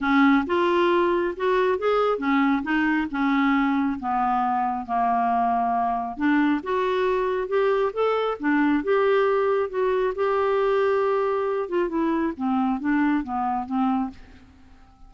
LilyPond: \new Staff \with { instrumentName = "clarinet" } { \time 4/4 \tempo 4 = 136 cis'4 f'2 fis'4 | gis'4 cis'4 dis'4 cis'4~ | cis'4 b2 ais4~ | ais2 d'4 fis'4~ |
fis'4 g'4 a'4 d'4 | g'2 fis'4 g'4~ | g'2~ g'8 f'8 e'4 | c'4 d'4 b4 c'4 | }